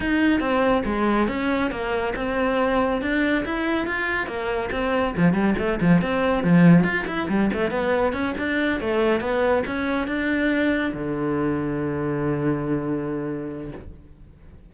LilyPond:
\new Staff \with { instrumentName = "cello" } { \time 4/4 \tempo 4 = 140 dis'4 c'4 gis4 cis'4 | ais4 c'2 d'4 | e'4 f'4 ais4 c'4 | f8 g8 a8 f8 c'4 f4 |
f'8 e'8 g8 a8 b4 cis'8 d'8~ | d'8 a4 b4 cis'4 d'8~ | d'4. d2~ d8~ | d1 | }